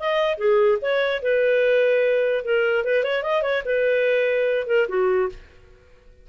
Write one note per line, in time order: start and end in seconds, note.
0.00 0.38 D#5
0.38 0.79 G#4
0.82 1.23 C#5
1.23 2.45 B4
2.45 2.84 A#4
2.84 3.04 B4
3.04 3.23 C#5
3.23 3.43 D#5
3.43 3.63 C#5
3.65 4.67 B4
4.67 4.88 A#4
4.88 5.29 F#4